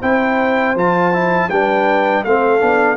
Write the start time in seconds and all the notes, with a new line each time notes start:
0.00 C4 E4 C5 G5
0.75 F3 F4 A5
1.12 E4
1.48 G3 D4 B4 G5
2.23 A3 C4 A4 F5
2.59 B3 D4